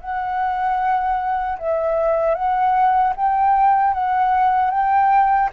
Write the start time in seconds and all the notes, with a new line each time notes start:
0.00 F#5
1.58 E5
2.34 F#5
3.16 G5
3.93 F#5
4.70 G5